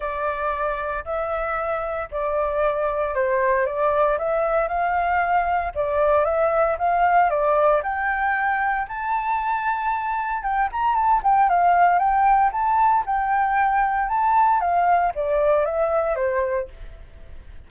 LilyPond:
\new Staff \with { instrumentName = "flute" } { \time 4/4 \tempo 4 = 115 d''2 e''2 | d''2 c''4 d''4 | e''4 f''2 d''4 | e''4 f''4 d''4 g''4~ |
g''4 a''2. | g''8 ais''8 a''8 g''8 f''4 g''4 | a''4 g''2 a''4 | f''4 d''4 e''4 c''4 | }